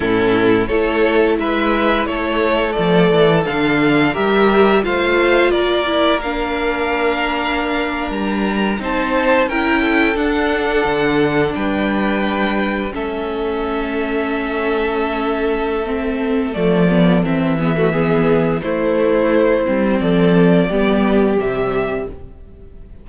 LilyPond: <<
  \new Staff \with { instrumentName = "violin" } { \time 4/4 \tempo 4 = 87 a'4 cis''4 e''4 cis''4 | d''4 f''4 e''4 f''4 | d''4 f''2~ f''8. ais''16~ | ais''8. a''4 g''4 fis''4~ fis''16~ |
fis''8. g''2 e''4~ e''16~ | e''1 | d''4 e''2 c''4~ | c''4 d''2 e''4 | }
  \new Staff \with { instrumentName = "violin" } { \time 4/4 e'4 a'4 b'4 a'4~ | a'2 ais'4 c''4 | ais'1~ | ais'8. c''4 ais'8 a'4.~ a'16~ |
a'8. b'2 a'4~ a'16~ | a'1~ | a'4. gis'16 fis'16 gis'4 e'4~ | e'4 a'4 g'2 | }
  \new Staff \with { instrumentName = "viola" } { \time 4/4 cis'4 e'2. | a4 d'4 g'4 f'4~ | f'8 e'8 d'2.~ | d'8. dis'4 e'4 d'4~ d'16~ |
d'2~ d'8. cis'4~ cis'16~ | cis'2. c'4 | a8 b8 c'8 b16 a16 b4 a4~ | a8 c'4. b4 g4 | }
  \new Staff \with { instrumentName = "cello" } { \time 4/4 a,4 a4 gis4 a4 | f8 e8 d4 g4 a4 | ais2.~ ais8. g16~ | g8. c'4 cis'4 d'4 d16~ |
d8. g2 a4~ a16~ | a1 | f4 e2 a4~ | a8 g8 f4 g4 c4 | }
>>